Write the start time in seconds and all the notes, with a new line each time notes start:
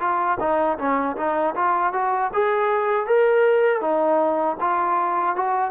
0.00 F4
0.40 D#4
0.78 C#4
1.17 D#4
1.55 F4
1.93 F#4
2.34 G#4
3.07 A#4
3.81 D#4
4.61 F4
5.36 F#4